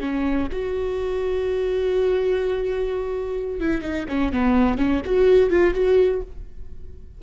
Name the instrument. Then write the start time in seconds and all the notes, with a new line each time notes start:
viola
0.00 C#4
0.52 F#4
3.60 E4
3.82 D#4
4.08 C#4
4.33 B3
4.78 C#4
5.05 F#4
5.50 F4
5.74 F#4